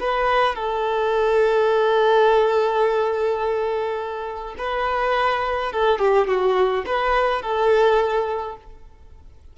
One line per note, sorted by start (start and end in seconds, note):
0.00 0.56 B4
0.56 4.56 A4
4.58 5.72 B4
5.72 5.99 A4
5.99 6.28 G4
6.28 6.85 F#4
6.86 7.42 B4
7.42 8.56 A4